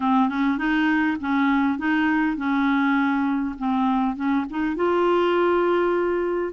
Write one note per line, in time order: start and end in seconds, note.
0.00 0.29 C4
0.29 0.58 C#4
0.58 1.17 D#4
1.20 1.78 C#4
1.78 2.37 D#4
2.37 3.55 C#4
3.58 4.16 C4
4.16 4.45 C#4
4.50 4.76 D#4
4.76 6.53 F4